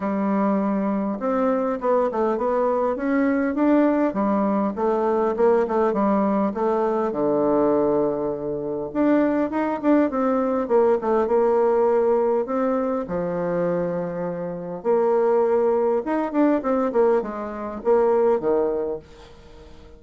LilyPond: \new Staff \with { instrumentName = "bassoon" } { \time 4/4 \tempo 4 = 101 g2 c'4 b8 a8 | b4 cis'4 d'4 g4 | a4 ais8 a8 g4 a4 | d2. d'4 |
dis'8 d'8 c'4 ais8 a8 ais4~ | ais4 c'4 f2~ | f4 ais2 dis'8 d'8 | c'8 ais8 gis4 ais4 dis4 | }